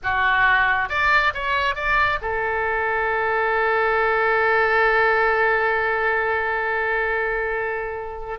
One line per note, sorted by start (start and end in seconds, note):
0.03 0.89 F#4
0.89 1.33 D5
1.34 1.75 C#5
1.75 2.19 D5
2.21 8.39 A4